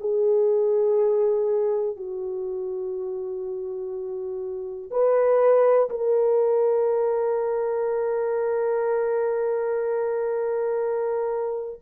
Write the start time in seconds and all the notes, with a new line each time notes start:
0.00 G#4
1.96 F#4
4.90 B4
5.89 A#4